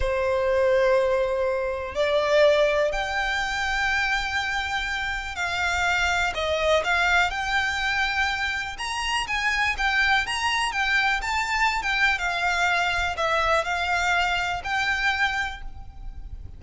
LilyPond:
\new Staff \with { instrumentName = "violin" } { \time 4/4 \tempo 4 = 123 c''1 | d''2 g''2~ | g''2. f''4~ | f''4 dis''4 f''4 g''4~ |
g''2 ais''4 gis''4 | g''4 ais''4 g''4 a''4~ | a''16 g''8. f''2 e''4 | f''2 g''2 | }